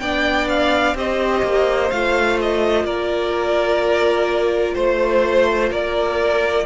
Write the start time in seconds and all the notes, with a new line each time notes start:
0.00 B3 D4 D5 G5
0.49 F5
0.94 C4 G4 C5 D#5
1.43 A#3
1.90 A3 F4 F5
2.41 D#5
2.84 A#3 A#4 D5
4.74 A3 C5
5.70 A#3 A#4 D5